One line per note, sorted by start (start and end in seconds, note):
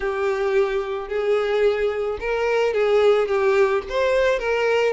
0.00 1.08 G4
1.08 2.18 G#4
2.19 2.73 A#4
2.73 3.28 G#4
3.28 3.83 G4
3.89 4.39 C5
4.39 4.93 A#4